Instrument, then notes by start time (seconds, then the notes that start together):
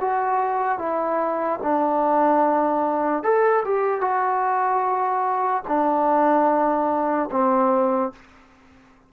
trombone
0.00 F#4
0.78 E4
1.63 D4
3.23 A4
3.64 G4
4.01 F#4
5.67 D4
7.31 C4